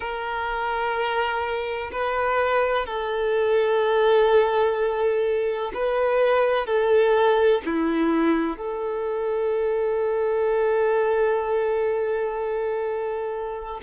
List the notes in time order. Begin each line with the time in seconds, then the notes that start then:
0.00 A#4
1.91 B4
2.86 A4
5.74 B4
6.66 A4
7.65 E4
8.57 A4